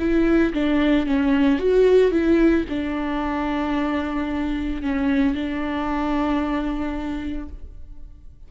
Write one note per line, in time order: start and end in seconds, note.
0.00 0.54 E4
0.54 1.07 D4
1.07 1.59 C#4
1.59 2.12 F#4
2.12 2.65 E4
2.69 4.83 D4
4.83 5.35 C#4
5.35 7.49 D4